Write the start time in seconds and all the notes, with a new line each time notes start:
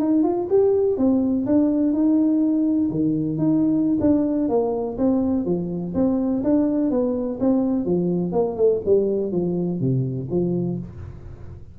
0.00 D#4
0.24 F4
0.50 G4
0.98 C4
1.46 D4
1.93 D#4
2.91 D#3
3.38 D#4
4.01 D4
4.49 A#3
4.98 C4
5.46 F3
5.95 C4
6.44 D4
6.91 B3
7.41 C4
7.86 F3
8.33 A#3
8.57 A3
8.86 G3
9.32 F3
9.80 C3
10.31 F3